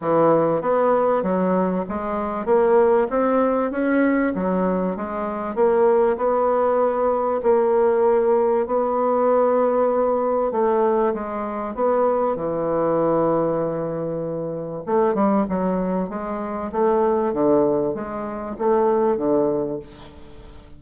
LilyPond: \new Staff \with { instrumentName = "bassoon" } { \time 4/4 \tempo 4 = 97 e4 b4 fis4 gis4 | ais4 c'4 cis'4 fis4 | gis4 ais4 b2 | ais2 b2~ |
b4 a4 gis4 b4 | e1 | a8 g8 fis4 gis4 a4 | d4 gis4 a4 d4 | }